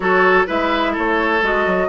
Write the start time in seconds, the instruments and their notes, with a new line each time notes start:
0.00 bassoon F#3, clarinet F#4, oboe A4, flute C#5
0.46 bassoon G#3, clarinet E4, oboe B4, flute E5
0.92 bassoon A3, oboe A4, flute C#5
1.41 bassoon G#3, clarinet F#4, flute D#5
1.66 bassoon F#3